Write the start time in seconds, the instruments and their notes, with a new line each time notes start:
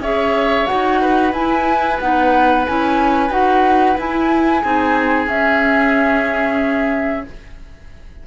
0.00 cello C#4, clarinet G#4, oboe C#5, flute E5
0.66 cello D#4, clarinet F#4, flute F#5
1.01 oboe B4
1.33 cello E4, clarinet E4, flute G#5
2.00 cello B3, clarinet D#4, flute F#5
2.66 cello C#4, clarinet E4, flute G#5
3.29 cello D#4, clarinet F#4, flute F#5
3.98 clarinet E4, cello E4, flute G#5
4.62 cello C4, clarinet D#4, oboe G#4
5.26 cello C#4, clarinet C#4, flute E5